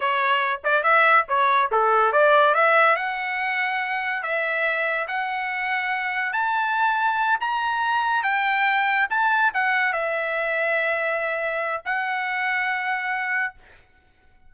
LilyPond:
\new Staff \with { instrumentName = "trumpet" } { \time 4/4 \tempo 4 = 142 cis''4. d''8 e''4 cis''4 | a'4 d''4 e''4 fis''4~ | fis''2 e''2 | fis''2. a''4~ |
a''4. ais''2 g''8~ | g''4. a''4 fis''4 e''8~ | e''1 | fis''1 | }